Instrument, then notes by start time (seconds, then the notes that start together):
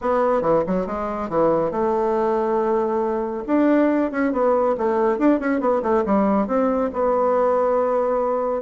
bassoon
0.01 B3
0.41 E3
0.66 F#3
0.86 G#3
1.29 E3
1.71 A3
3.46 D4
4.11 C#4
4.32 B3
4.77 A3
5.18 D4
5.39 C#4
5.60 B3
5.82 A3
6.05 G3
6.47 C4
6.93 B3